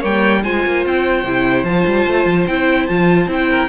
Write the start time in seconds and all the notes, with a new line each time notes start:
0.00 G3 A#3 C#5 G5
0.44 G#3 F4 C5 G#5
0.66 A#3
0.86 C4 G5
1.24 C3 E4
1.64 F3 F4 A5
1.86 G3
2.07 A3
2.26 F3
2.47 C4 E4 G5
2.87 F3 F4 A5
3.27 C4 E4 G5
3.50 A#4